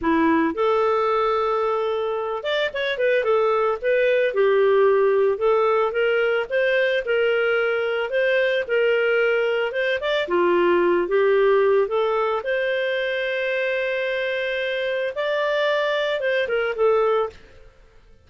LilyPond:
\new Staff \with { instrumentName = "clarinet" } { \time 4/4 \tempo 4 = 111 e'4 a'2.~ | a'8 d''8 cis''8 b'8 a'4 b'4 | g'2 a'4 ais'4 | c''4 ais'2 c''4 |
ais'2 c''8 d''8 f'4~ | f'8 g'4. a'4 c''4~ | c''1 | d''2 c''8 ais'8 a'4 | }